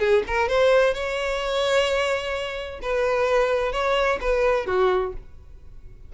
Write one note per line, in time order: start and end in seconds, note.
0.00 0.23 G#4
0.27 0.49 A#4
0.49 0.94 C5
0.94 2.80 C#5
2.82 3.73 B4
3.73 4.19 C#5
4.21 4.66 B4
4.66 5.13 F#4